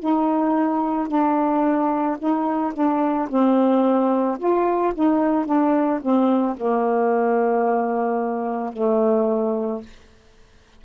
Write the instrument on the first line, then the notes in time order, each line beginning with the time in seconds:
saxophone
0.00 D#4
1.09 D4
2.19 D#4
2.74 D4
3.29 C4
4.39 F4
4.95 D#4
5.46 D4
6.02 C4
6.58 A#3
8.73 A3